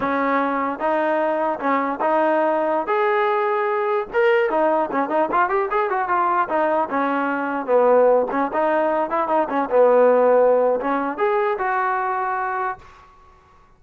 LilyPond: \new Staff \with { instrumentName = "trombone" } { \time 4/4 \tempo 4 = 150 cis'2 dis'2 | cis'4 dis'2~ dis'16 gis'8.~ | gis'2~ gis'16 ais'4 dis'8.~ | dis'16 cis'8 dis'8 f'8 g'8 gis'8 fis'8 f'8.~ |
f'16 dis'4 cis'2 b8.~ | b8. cis'8 dis'4. e'8 dis'8 cis'16~ | cis'16 b2~ b8. cis'4 | gis'4 fis'2. | }